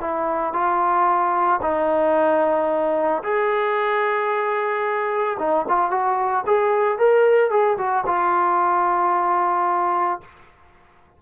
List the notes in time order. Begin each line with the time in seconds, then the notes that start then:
0.00 E4
0.53 F4
1.62 D#4
3.23 G#4
5.39 D#4
5.68 F4
5.91 F#4
6.47 G#4
6.98 A#4
7.50 G#4
7.78 F#4
8.06 F4